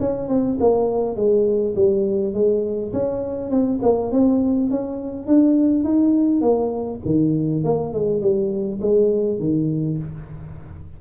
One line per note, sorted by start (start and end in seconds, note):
0.00 0.28 C#4
0.28 0.58 C4
0.60 1.16 A#3
1.16 1.75 G#3
1.75 2.33 G3
2.33 2.92 G#3
2.93 3.50 C#4
3.50 3.79 C4
3.82 4.11 A#3
4.11 4.70 C4
4.70 5.26 C#4
5.26 5.84 D4
5.84 6.41 D#4
6.41 7.00 A#3
7.05 7.64 D#3
7.64 7.93 A#3
7.93 8.21 G#3
8.21 8.80 G3
8.81 9.39 G#3
9.39 9.98 D#3